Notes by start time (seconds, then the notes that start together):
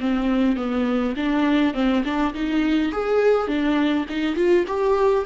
0.00 C4
0.57 B3
1.17 D4
1.74 C4
2.05 D4
2.34 D#4
2.92 G#4
3.48 D4
4.09 D#4
4.36 F4
4.67 G4